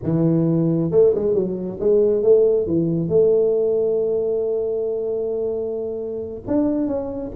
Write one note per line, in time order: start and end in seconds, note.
0.03 0.91 E3
0.91 1.13 A3
1.14 1.34 G#3
1.34 1.79 F#3
1.80 2.22 G#3
2.22 2.66 A3
2.66 3.08 E3
3.08 6.42 A3
6.47 6.87 D4
6.87 7.31 C#4